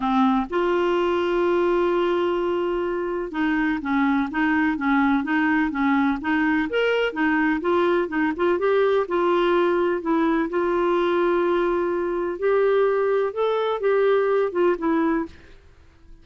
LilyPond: \new Staff \with { instrumentName = "clarinet" } { \time 4/4 \tempo 4 = 126 c'4 f'2.~ | f'2. dis'4 | cis'4 dis'4 cis'4 dis'4 | cis'4 dis'4 ais'4 dis'4 |
f'4 dis'8 f'8 g'4 f'4~ | f'4 e'4 f'2~ | f'2 g'2 | a'4 g'4. f'8 e'4 | }